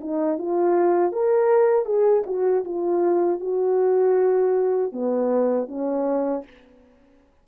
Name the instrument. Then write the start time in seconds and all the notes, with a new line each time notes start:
horn
0.00 D#4
0.38 F4
1.12 A#4
1.85 G#4
2.26 F#4
2.64 F4
3.40 F#4
4.92 B3
5.68 C#4